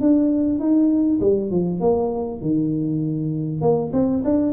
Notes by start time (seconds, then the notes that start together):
0.00 D4
0.59 D#4
1.20 G3
1.50 F3
1.80 A#3
2.41 D#3
3.61 A#3
3.92 C4
4.24 D4